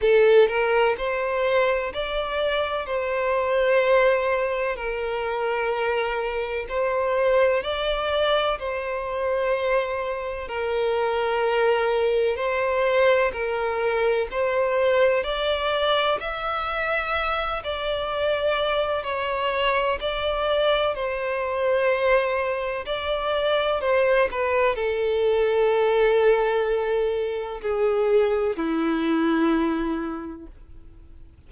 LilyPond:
\new Staff \with { instrumentName = "violin" } { \time 4/4 \tempo 4 = 63 a'8 ais'8 c''4 d''4 c''4~ | c''4 ais'2 c''4 | d''4 c''2 ais'4~ | ais'4 c''4 ais'4 c''4 |
d''4 e''4. d''4. | cis''4 d''4 c''2 | d''4 c''8 b'8 a'2~ | a'4 gis'4 e'2 | }